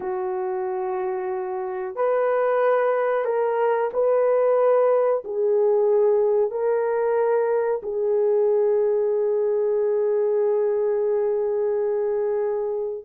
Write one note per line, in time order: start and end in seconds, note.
0.00 1.95 F#4
1.95 3.25 B4
3.25 3.90 A#4
3.93 5.23 B4
5.24 6.50 G#4
6.50 7.81 A#4
7.82 13.04 G#4